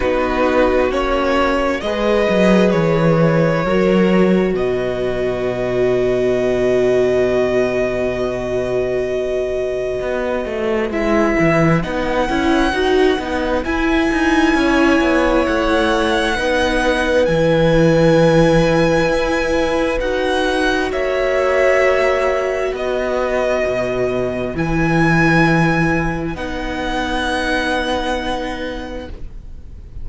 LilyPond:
<<
  \new Staff \with { instrumentName = "violin" } { \time 4/4 \tempo 4 = 66 b'4 cis''4 dis''4 cis''4~ | cis''4 dis''2.~ | dis''1 | e''4 fis''2 gis''4~ |
gis''4 fis''2 gis''4~ | gis''2 fis''4 e''4~ | e''4 dis''2 gis''4~ | gis''4 fis''2. | }
  \new Staff \with { instrumentName = "violin" } { \time 4/4 fis'2 b'2 | ais'4 b'2.~ | b'1~ | b'1 |
cis''2 b'2~ | b'2. cis''4~ | cis''4 b'2.~ | b'1 | }
  \new Staff \with { instrumentName = "viola" } { \time 4/4 dis'4 cis'4 gis'2 | fis'1~ | fis'1 | e'4 dis'8 e'8 fis'8 dis'8 e'4~ |
e'2 dis'4 e'4~ | e'2 fis'2~ | fis'2. e'4~ | e'4 dis'2. | }
  \new Staff \with { instrumentName = "cello" } { \time 4/4 b4 ais4 gis8 fis8 e4 | fis4 b,2.~ | b,2. b8 a8 | gis8 e8 b8 cis'8 dis'8 b8 e'8 dis'8 |
cis'8 b8 a4 b4 e4~ | e4 e'4 dis'4 ais4~ | ais4 b4 b,4 e4~ | e4 b2. | }
>>